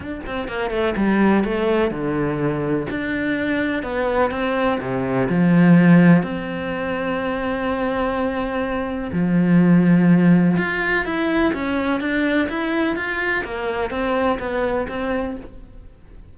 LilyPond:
\new Staff \with { instrumentName = "cello" } { \time 4/4 \tempo 4 = 125 d'8 c'8 ais8 a8 g4 a4 | d2 d'2 | b4 c'4 c4 f4~ | f4 c'2.~ |
c'2. f4~ | f2 f'4 e'4 | cis'4 d'4 e'4 f'4 | ais4 c'4 b4 c'4 | }